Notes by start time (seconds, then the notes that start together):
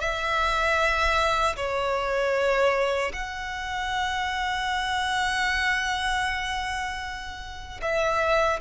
0.00 E5
1.56 C#5
3.13 F#5
7.82 E5